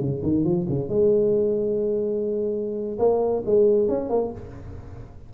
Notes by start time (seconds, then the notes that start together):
0.00 C#3
0.23 D#3
0.44 F3
0.69 C#3
0.89 G#3
2.99 A#3
3.46 G#3
3.88 C#4
4.09 A#3